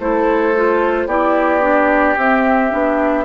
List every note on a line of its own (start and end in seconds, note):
0.00 1.07 A3
0.00 0.55 E4
0.00 1.07 A4
0.00 1.08 C5
0.56 1.09 F4
1.07 2.16 B3
1.07 1.61 E4
1.07 3.25 G4
1.07 2.17 D5
1.61 2.16 D4
2.17 2.72 C4
2.17 2.71 C4
2.17 3.25 E5
2.71 3.25 B3
2.71 3.25 D4